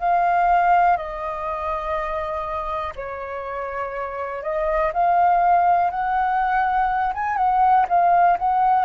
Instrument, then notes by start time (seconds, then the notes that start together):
flute
0.00 F5
0.97 D#5
2.96 C#5
4.44 D#5
4.94 F5
5.91 F#5
7.14 G#5
7.37 F#5
7.89 F5
8.39 F#5